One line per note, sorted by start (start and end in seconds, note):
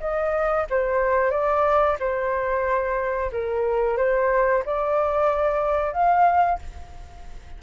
0.00 0.66 D#5
0.70 1.31 C5
1.31 1.97 D5
1.99 3.31 C5
3.32 3.97 A#4
3.97 4.63 C5
4.65 5.93 D5
5.93 6.58 F5